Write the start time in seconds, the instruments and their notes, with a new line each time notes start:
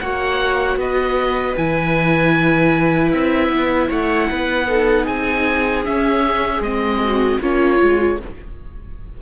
0.00 cello A#3, viola F#4 C#5, oboe F#5
0.77 cello B3, viola B4, oboe D#5
1.57 cello E3, viola E4, oboe G#5
3.12 cello C4, oboe E5
3.49 cello B3
3.89 cello A3, viola C#5, oboe F#5
4.30 cello B3, viola B4
4.68 viola D#4 A4
5.04 cello C4, viola G#4, oboe G#5
5.85 viola C#4, cello C#4, oboe E5
6.60 cello G#3, viola C4, oboe D#5
7.05 viola F#4
7.41 cello A#3, viola C#4 F4, oboe C#5
7.78 cello G#3, viola F4